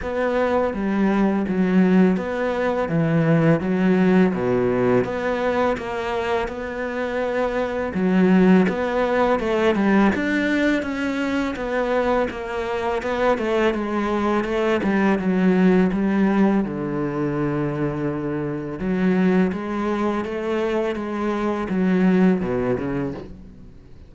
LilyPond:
\new Staff \with { instrumentName = "cello" } { \time 4/4 \tempo 4 = 83 b4 g4 fis4 b4 | e4 fis4 b,4 b4 | ais4 b2 fis4 | b4 a8 g8 d'4 cis'4 |
b4 ais4 b8 a8 gis4 | a8 g8 fis4 g4 d4~ | d2 fis4 gis4 | a4 gis4 fis4 b,8 cis8 | }